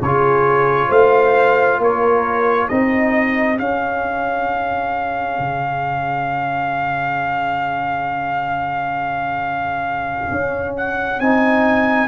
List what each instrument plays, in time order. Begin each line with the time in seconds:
0.00 tuba C#3, trombone F4, horn G#4, trumpet C#5
0.88 tuba A3, horn C5, trumpet F5
1.78 tuba A#3, horn A#4, trumpet C#5
2.68 tuba C4, trombone D#4, horn G#4, trumpet D#5
3.57 trombone C#4, tuba C#4, trumpet F5
5.38 tuba C#3
10.31 tuba C#4
10.77 trumpet F#5
11.19 tuba C4, trombone D#4, trumpet G#5